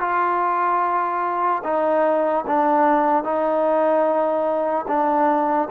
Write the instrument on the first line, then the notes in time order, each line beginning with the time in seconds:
trombone
0.00 F4
1.63 D#4
2.47 D4
3.23 D#4
4.87 D4